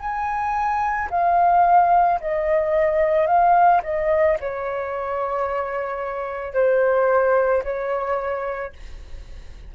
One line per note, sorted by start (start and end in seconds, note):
0.00 1.09 G#5
1.11 2.20 F5
2.21 3.27 D#5
3.27 3.82 F5
3.83 4.38 D#5
4.40 6.54 C#5
6.54 7.63 C5
7.64 8.73 C#5